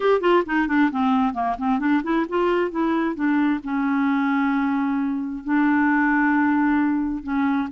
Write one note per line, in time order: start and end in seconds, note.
0.00 0.20 G4
0.20 0.43 F4
0.46 0.67 D#4
0.67 0.90 D4
0.91 1.33 C4
1.33 1.56 A#3
1.58 1.79 C4
1.79 2.01 D4
2.03 2.26 E4
2.28 2.70 F4
2.70 3.15 E4
3.15 3.60 D4
3.63 5.44 C#4
5.44 7.23 D4
7.23 7.68 C#4